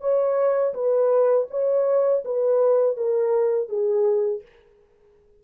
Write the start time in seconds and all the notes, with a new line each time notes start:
0.00 C#5
0.74 B4
1.50 C#5
2.25 B4
2.97 A#4
3.69 G#4